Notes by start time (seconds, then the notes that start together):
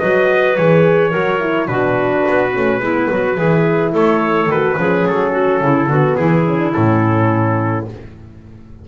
0.00 F#3 F#4 B4 D#5
0.56 E3 G#4 C#5
1.10 F#3 F#4 A#4
1.39 E4
1.67 B2 D4 F#4 B4
2.28 B3
2.52 A3 C#4
2.79 G#3 B3 E4
3.10 F#3 F#4
3.37 E3 E4 G#4
3.91 A3 A4 C#5
4.46 D#3 F#4 B4
4.77 F3 C#4 G#4
5.05 F#3 A4
5.31 F#4
5.60 C#3 E4
5.86 D3 B3 F#4
6.16 E3 E4 G#4
6.46 C#4
6.58 D4
6.73 A2 C#4 A4